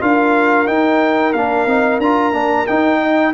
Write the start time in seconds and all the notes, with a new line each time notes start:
0.00 D4 F4 A#4 F5
0.66 D#4 G5
1.32 A#3 D4 F5
1.66 C4 D#4
1.98 D4 F4 A#5
2.32 A#3 D4
2.66 D#4 G5
3.00 D#5